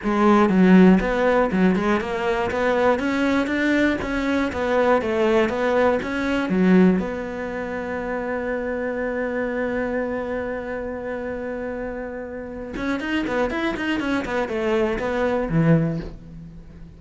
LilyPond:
\new Staff \with { instrumentName = "cello" } { \time 4/4 \tempo 4 = 120 gis4 fis4 b4 fis8 gis8 | ais4 b4 cis'4 d'4 | cis'4 b4 a4 b4 | cis'4 fis4 b2~ |
b1~ | b1~ | b4. cis'8 dis'8 b8 e'8 dis'8 | cis'8 b8 a4 b4 e4 | }